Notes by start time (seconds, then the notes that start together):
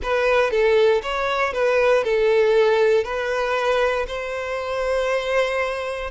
0.02 B4
0.50 A4
1.02 C#5
1.53 B4
2.03 A4
3.04 B4
4.07 C5